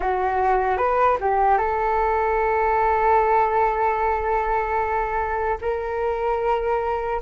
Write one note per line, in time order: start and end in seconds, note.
0.00 0.77 F#4
0.77 1.17 B4
1.20 1.57 G4
1.57 5.57 A4
5.61 7.21 A#4